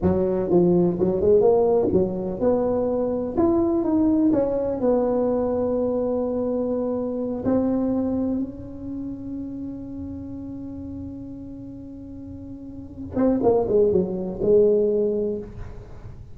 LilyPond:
\new Staff \with { instrumentName = "tuba" } { \time 4/4 \tempo 4 = 125 fis4 f4 fis8 gis8 ais4 | fis4 b2 e'4 | dis'4 cis'4 b2~ | b2.~ b8 c'8~ |
c'4. cis'2~ cis'8~ | cis'1~ | cis'2.~ cis'8 c'8 | ais8 gis8 fis4 gis2 | }